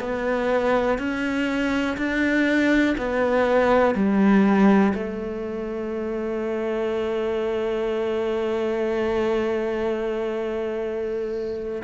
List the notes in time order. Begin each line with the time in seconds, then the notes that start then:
0.00 B3
0.98 C#4
1.97 D4
2.98 B3
3.95 G3
4.94 A3